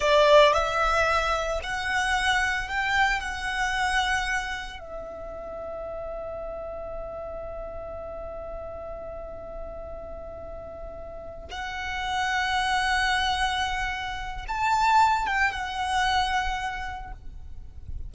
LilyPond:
\new Staff \with { instrumentName = "violin" } { \time 4/4 \tempo 4 = 112 d''4 e''2 fis''4~ | fis''4 g''4 fis''2~ | fis''4 e''2.~ | e''1~ |
e''1~ | e''4. fis''2~ fis''8~ | fis''2. a''4~ | a''8 g''8 fis''2. | }